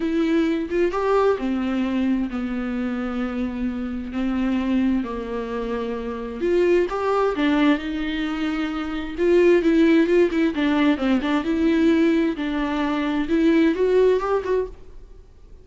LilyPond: \new Staff \with { instrumentName = "viola" } { \time 4/4 \tempo 4 = 131 e'4. f'8 g'4 c'4~ | c'4 b2.~ | b4 c'2 ais4~ | ais2 f'4 g'4 |
d'4 dis'2. | f'4 e'4 f'8 e'8 d'4 | c'8 d'8 e'2 d'4~ | d'4 e'4 fis'4 g'8 fis'8 | }